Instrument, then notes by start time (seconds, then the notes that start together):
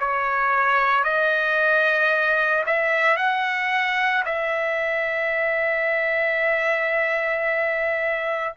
trumpet
0.00 C#5
1.04 D#5
2.66 E5
3.17 F#5
4.26 E5